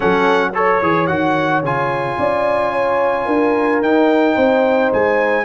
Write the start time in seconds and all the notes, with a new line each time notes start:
0.00 F#3 C#4 A4 F#5
0.54 A4 C#5
0.81 E3 G#4
1.06 D#3 F#4 F#5
1.62 C#3 F4 G#5
2.18 C#4 D5
2.72 C#5
3.25 D4 A#4
3.81 D#4 G5
4.34 C4 C5
4.92 G#3 G#5